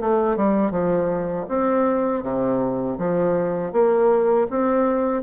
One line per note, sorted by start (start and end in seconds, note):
0.00 0.36 A3
0.36 0.71 G3
0.71 1.46 F3
1.48 2.22 C4
2.22 2.97 C3
2.98 3.72 F3
3.72 4.47 A#3
4.50 5.22 C4